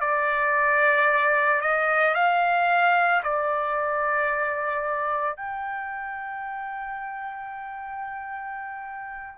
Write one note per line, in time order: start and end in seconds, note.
0.00 1.61 D5
1.61 2.14 D#5
2.14 3.21 F5
3.23 5.36 D5
5.36 9.37 G5